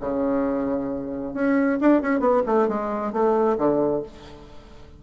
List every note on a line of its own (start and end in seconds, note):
0.00 1.34 C#3
1.34 1.78 C#4
1.81 2.02 D4
2.02 2.20 C#4
2.20 2.42 B3
2.46 2.68 A3
2.68 3.12 G#3
3.12 3.57 A3
3.58 4.02 D3